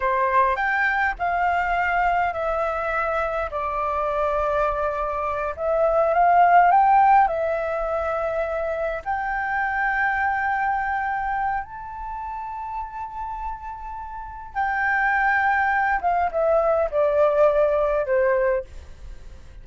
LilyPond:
\new Staff \with { instrumentName = "flute" } { \time 4/4 \tempo 4 = 103 c''4 g''4 f''2 | e''2 d''2~ | d''4. e''4 f''4 g''8~ | g''8 e''2. g''8~ |
g''1 | a''1~ | a''4 g''2~ g''8 f''8 | e''4 d''2 c''4 | }